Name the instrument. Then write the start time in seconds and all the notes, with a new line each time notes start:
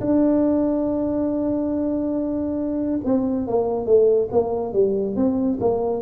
tuba
0.00 D4
3.04 C4
3.47 A#3
3.86 A3
4.31 A#3
4.73 G3
5.16 C4
5.60 A#3